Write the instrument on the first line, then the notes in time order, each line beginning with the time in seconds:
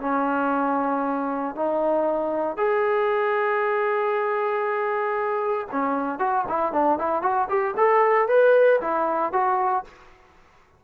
trombone
0.00 C#4
1.55 D#4
2.57 G#4
5.71 C#4
6.19 F#4
6.48 E4
6.72 D4
6.98 E4
7.22 F#4
7.49 G4
7.77 A4
8.28 B4
8.80 E4
9.32 F#4